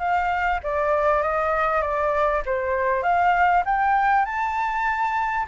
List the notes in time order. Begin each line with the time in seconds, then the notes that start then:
0.00 F5
0.64 D5
1.23 D#5
1.82 D5
2.46 C5
3.03 F5
3.66 G5
4.26 A5